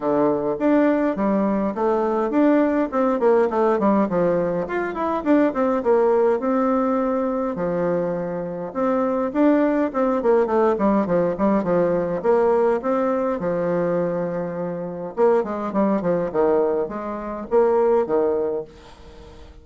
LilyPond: \new Staff \with { instrumentName = "bassoon" } { \time 4/4 \tempo 4 = 103 d4 d'4 g4 a4 | d'4 c'8 ais8 a8 g8 f4 | f'8 e'8 d'8 c'8 ais4 c'4~ | c'4 f2 c'4 |
d'4 c'8 ais8 a8 g8 f8 g8 | f4 ais4 c'4 f4~ | f2 ais8 gis8 g8 f8 | dis4 gis4 ais4 dis4 | }